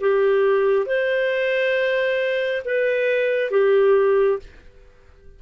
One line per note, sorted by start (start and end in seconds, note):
0.00 0.85 G4
0.85 2.62 C5
2.65 3.51 B4
3.51 4.39 G4